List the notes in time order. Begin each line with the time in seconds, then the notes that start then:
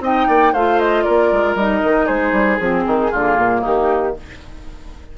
0.00 C4 D#4 D#5 G5
0.27 A#3 D5
0.53 A3 F4 C5 F5
0.79 D#5
1.02 A#3 A#4 D5
1.32 G#3
1.55 G3 D#4 D#5
1.84 D#3
2.05 G#3 G#4 C5
2.32 G3
2.57 F3 C4 G#4
2.87 D#3 D#4
3.11 D3 A#3 F4
3.37 A#2
3.61 D#3 D#4 G4